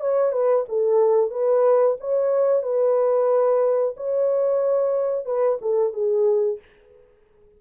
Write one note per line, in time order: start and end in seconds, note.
0.00 0.32 C#5
0.32 0.65 B4
0.69 1.30 A4
1.30 1.96 B4
2.00 2.63 C#5
2.63 3.94 B4
3.97 5.25 C#5
5.25 5.58 B4
5.61 5.93 A4
5.93 6.59 G#4